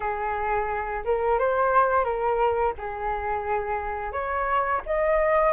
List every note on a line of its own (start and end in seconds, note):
0.00 1.03 G#4
1.04 1.38 A#4
1.38 2.04 C5
2.04 2.73 A#4
2.77 4.12 G#4
4.12 4.81 C#5
4.86 5.53 D#5